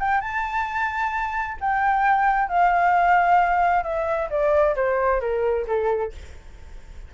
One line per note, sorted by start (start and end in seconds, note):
0.00 0.21 G5
0.21 1.58 A5
1.61 2.49 G5
2.49 3.84 F5
3.84 4.29 E5
4.30 4.76 D5
4.76 5.21 C5
5.21 5.66 A#4
5.67 6.13 A4